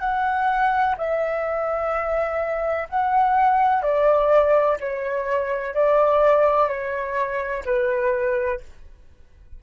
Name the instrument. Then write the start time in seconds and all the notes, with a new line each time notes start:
flute
0.00 F#5
0.97 E5
2.89 F#5
3.82 D5
4.80 C#5
5.74 D5
6.68 C#5
7.65 B4